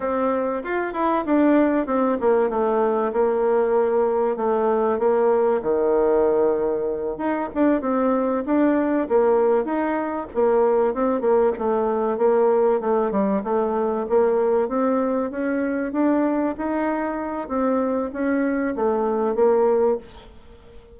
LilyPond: \new Staff \with { instrumentName = "bassoon" } { \time 4/4 \tempo 4 = 96 c'4 f'8 e'8 d'4 c'8 ais8 | a4 ais2 a4 | ais4 dis2~ dis8 dis'8 | d'8 c'4 d'4 ais4 dis'8~ |
dis'8 ais4 c'8 ais8 a4 ais8~ | ais8 a8 g8 a4 ais4 c'8~ | c'8 cis'4 d'4 dis'4. | c'4 cis'4 a4 ais4 | }